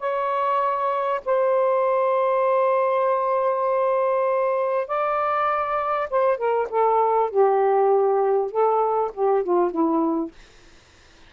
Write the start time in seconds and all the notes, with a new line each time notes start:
0.00 C#5
1.26 C5
4.88 D5
6.11 C5
6.38 A#4
6.70 A4
7.31 G4
8.52 A4
9.15 G4
9.44 F4
9.71 E4